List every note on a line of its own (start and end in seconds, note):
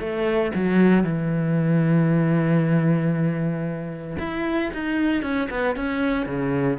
0.00 0.52 A3
0.55 1.04 F#3
1.04 4.17 E3
4.19 4.71 E4
4.74 5.23 D#4
5.23 5.49 C#4
5.50 5.76 B3
5.76 6.26 C#4
6.26 6.78 C#3